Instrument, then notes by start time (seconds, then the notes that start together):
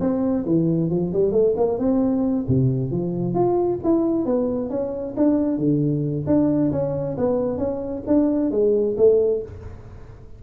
tuba
0.00 C4
0.45 E3
0.90 F3
1.13 G3
1.32 A3
1.57 A#3
1.78 C4
2.48 C3
2.91 F3
3.34 F4
3.84 E4
4.25 B3
4.70 C#4
5.16 D4
5.58 D3
6.27 D4
6.72 C#4
7.17 B3
7.58 C#4
8.07 D4
8.51 G#3
8.97 A3